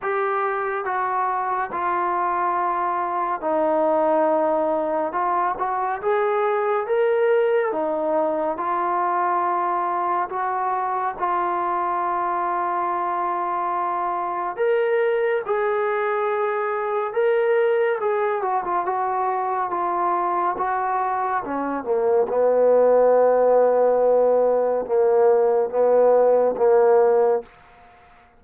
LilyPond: \new Staff \with { instrumentName = "trombone" } { \time 4/4 \tempo 4 = 70 g'4 fis'4 f'2 | dis'2 f'8 fis'8 gis'4 | ais'4 dis'4 f'2 | fis'4 f'2.~ |
f'4 ais'4 gis'2 | ais'4 gis'8 fis'16 f'16 fis'4 f'4 | fis'4 cis'8 ais8 b2~ | b4 ais4 b4 ais4 | }